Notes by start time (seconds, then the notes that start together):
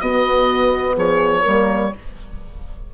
0.00 B3 F#4 D#5
0.96 F3 G#4 C#5
1.42 G3 A#3 A#4